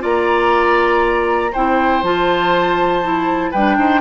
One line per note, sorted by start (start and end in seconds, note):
0.00 1.54 A#3
0.00 1.50 F4
0.00 1.52 D5
0.00 1.54 A#5
1.53 2.03 C4
1.53 2.04 E4
1.53 3.51 C5
1.53 2.04 G5
2.03 3.53 F3
2.03 3.03 F4
2.03 3.53 A5
3.03 3.53 E4
3.51 3.78 G3
3.51 3.76 B4
3.51 4.01 G5
3.57 4.01 D4
3.78 4.01 D#4
3.78 4.01 C5